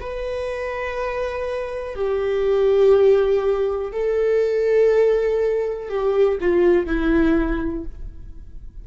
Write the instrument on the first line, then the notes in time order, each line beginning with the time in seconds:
viola
0.00 B4
1.95 G4
3.92 A4
5.89 G4
6.40 F4
6.86 E4